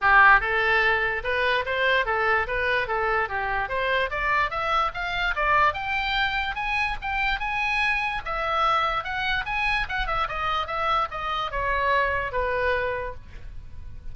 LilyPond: \new Staff \with { instrumentName = "oboe" } { \time 4/4 \tempo 4 = 146 g'4 a'2 b'4 | c''4 a'4 b'4 a'4 | g'4 c''4 d''4 e''4 | f''4 d''4 g''2 |
gis''4 g''4 gis''2 | e''2 fis''4 gis''4 | fis''8 e''8 dis''4 e''4 dis''4 | cis''2 b'2 | }